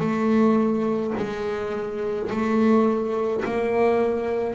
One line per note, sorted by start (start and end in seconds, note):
0.00 1.13 A3
1.17 2.30 G#3
2.30 3.43 A3
3.45 4.55 A#3